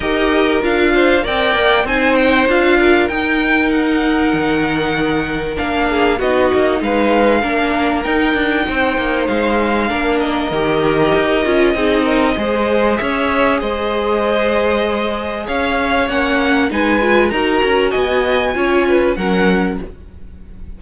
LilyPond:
<<
  \new Staff \with { instrumentName = "violin" } { \time 4/4 \tempo 4 = 97 dis''4 f''4 g''4 gis''8 g''8 | f''4 g''4 fis''2~ | fis''4 f''4 dis''4 f''4~ | f''4 g''2 f''4~ |
f''8 dis''2.~ dis''8~ | dis''4 e''4 dis''2~ | dis''4 f''4 fis''4 gis''4 | ais''4 gis''2 fis''4 | }
  \new Staff \with { instrumentName = "violin" } { \time 4/4 ais'4. c''8 d''4 c''4~ | c''8 ais'2.~ ais'8~ | ais'4. gis'8 fis'4 b'4 | ais'2 c''2 |
ais'2. gis'8 ais'8 | c''4 cis''4 c''2~ | c''4 cis''2 b'4 | ais'4 dis''4 cis''8 b'8 ais'4 | }
  \new Staff \with { instrumentName = "viola" } { \time 4/4 g'4 f'4 ais'4 dis'4 | f'4 dis'2.~ | dis'4 d'4 dis'2 | d'4 dis'2. |
d'4 g'4. f'8 dis'4 | gis'1~ | gis'2 cis'4 dis'8 f'8 | fis'2 f'4 cis'4 | }
  \new Staff \with { instrumentName = "cello" } { \time 4/4 dis'4 d'4 c'8 ais8 c'4 | d'4 dis'2 dis4~ | dis4 ais4 b8 ais8 gis4 | ais4 dis'8 d'8 c'8 ais8 gis4 |
ais4 dis4 dis'8 cis'8 c'4 | gis4 cis'4 gis2~ | gis4 cis'4 ais4 gis4 | dis'8 cis'8 b4 cis'4 fis4 | }
>>